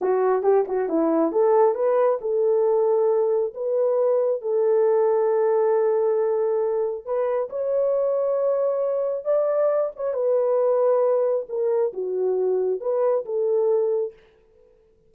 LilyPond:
\new Staff \with { instrumentName = "horn" } { \time 4/4 \tempo 4 = 136 fis'4 g'8 fis'8 e'4 a'4 | b'4 a'2. | b'2 a'2~ | a'1 |
b'4 cis''2.~ | cis''4 d''4. cis''8 b'4~ | b'2 ais'4 fis'4~ | fis'4 b'4 a'2 | }